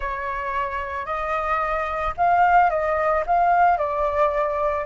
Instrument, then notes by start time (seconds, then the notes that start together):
flute
0.00 C#5
1.05 D#5
2.17 F5
2.70 D#5
3.26 F5
3.77 D5